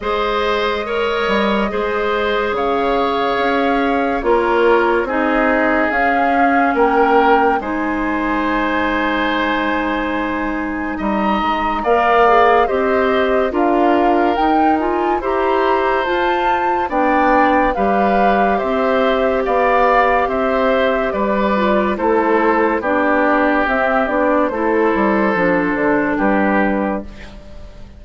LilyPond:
<<
  \new Staff \with { instrumentName = "flute" } { \time 4/4 \tempo 4 = 71 dis''2. f''4~ | f''4 cis''4 dis''4 f''4 | g''4 gis''2.~ | gis''4 ais''4 f''4 dis''4 |
f''4 g''8 gis''8 ais''4 a''4 | g''4 f''4 e''4 f''4 | e''4 d''4 c''4 d''4 | e''8 d''8 c''2 b'4 | }
  \new Staff \with { instrumentName = "oboe" } { \time 4/4 c''4 cis''4 c''4 cis''4~ | cis''4 ais'4 gis'2 | ais'4 c''2.~ | c''4 dis''4 d''4 c''4 |
ais'2 c''2 | d''4 b'4 c''4 d''4 | c''4 b'4 a'4 g'4~ | g'4 a'2 g'4 | }
  \new Staff \with { instrumentName = "clarinet" } { \time 4/4 gis'4 ais'4 gis'2~ | gis'4 f'4 dis'4 cis'4~ | cis'4 dis'2.~ | dis'2 ais'8 gis'8 g'4 |
f'4 dis'8 f'8 g'4 f'4 | d'4 g'2.~ | g'4. f'8 e'4 d'4 | c'8 d'8 e'4 d'2 | }
  \new Staff \with { instrumentName = "bassoon" } { \time 4/4 gis4. g8 gis4 cis4 | cis'4 ais4 c'4 cis'4 | ais4 gis2.~ | gis4 g8 gis8 ais4 c'4 |
d'4 dis'4 e'4 f'4 | b4 g4 c'4 b4 | c'4 g4 a4 b4 | c'8 b8 a8 g8 f8 d8 g4 | }
>>